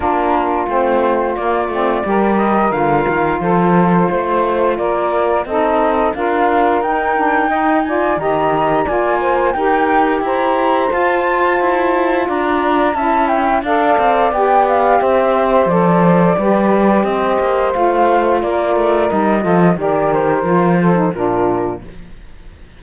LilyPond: <<
  \new Staff \with { instrumentName = "flute" } { \time 4/4 \tempo 4 = 88 ais'4 c''4 d''4. dis''8 | f''4 c''2 d''4 | dis''4 f''4 g''4. gis''8 | ais''4 gis''4 g''4 ais''4 |
a''2 ais''4 a''8 g''8 | f''4 g''8 f''8 e''4 d''4~ | d''4 dis''4 f''4 d''4 | dis''4 d''8 c''4. ais'4 | }
  \new Staff \with { instrumentName = "saxophone" } { \time 4/4 f'2. ais'4~ | ais'4 a'4 c''4 ais'4 | a'4 ais'2 dis''8 d''8 | dis''4 d''8 c''8 ais'4 c''4~ |
c''2 d''4 e''4 | d''2 c''2 | b'4 c''2 ais'4~ | ais'8 a'8 ais'4. a'8 f'4 | }
  \new Staff \with { instrumentName = "saxophone" } { \time 4/4 d'4 c'4 ais8 c'8 g'4 | f'1 | dis'4 f'4 dis'8 d'8 dis'8 f'8 | g'4 f'4 g'2 |
f'2. e'4 | a'4 g'2 a'4 | g'2 f'2 | dis'8 f'8 g'4 f'8. dis'16 d'4 | }
  \new Staff \with { instrumentName = "cello" } { \time 4/4 ais4 a4 ais8 a8 g4 | d8 dis8 f4 a4 ais4 | c'4 d'4 dis'2 | dis4 ais4 dis'4 e'4 |
f'4 e'4 d'4 cis'4 | d'8 c'8 b4 c'4 f4 | g4 c'8 ais8 a4 ais8 a8 | g8 f8 dis4 f4 ais,4 | }
>>